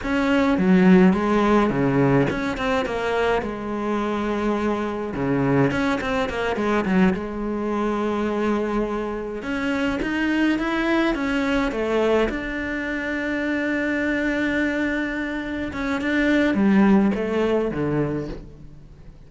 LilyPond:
\new Staff \with { instrumentName = "cello" } { \time 4/4 \tempo 4 = 105 cis'4 fis4 gis4 cis4 | cis'8 c'8 ais4 gis2~ | gis4 cis4 cis'8 c'8 ais8 gis8 | fis8 gis2.~ gis8~ |
gis8 cis'4 dis'4 e'4 cis'8~ | cis'8 a4 d'2~ d'8~ | d'2.~ d'8 cis'8 | d'4 g4 a4 d4 | }